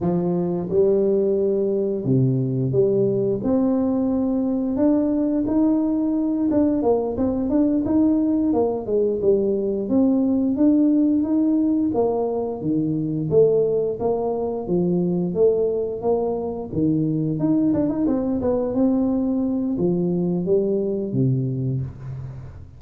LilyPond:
\new Staff \with { instrumentName = "tuba" } { \time 4/4 \tempo 4 = 88 f4 g2 c4 | g4 c'2 d'4 | dis'4. d'8 ais8 c'8 d'8 dis'8~ | dis'8 ais8 gis8 g4 c'4 d'8~ |
d'8 dis'4 ais4 dis4 a8~ | a8 ais4 f4 a4 ais8~ | ais8 dis4 dis'8 d'16 dis'16 c'8 b8 c'8~ | c'4 f4 g4 c4 | }